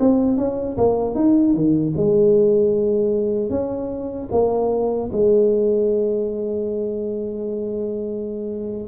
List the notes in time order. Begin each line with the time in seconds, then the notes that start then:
0.00 C4
0.38 C#4
0.78 A#3
1.15 D#4
1.54 D#3
1.97 G#3
3.50 C#4
4.31 A#3
5.12 G#3